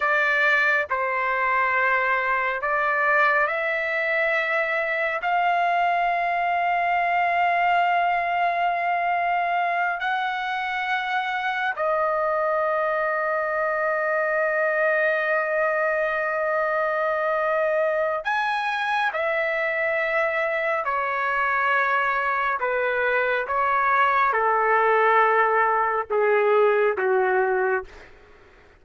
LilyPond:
\new Staff \with { instrumentName = "trumpet" } { \time 4/4 \tempo 4 = 69 d''4 c''2 d''4 | e''2 f''2~ | f''2.~ f''8 fis''8~ | fis''4. dis''2~ dis''8~ |
dis''1~ | dis''4 gis''4 e''2 | cis''2 b'4 cis''4 | a'2 gis'4 fis'4 | }